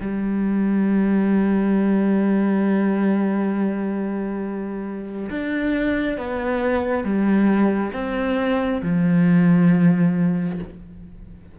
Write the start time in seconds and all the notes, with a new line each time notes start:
0.00 G3
5.30 D4
6.17 B3
7.03 G3
7.93 C4
8.82 F3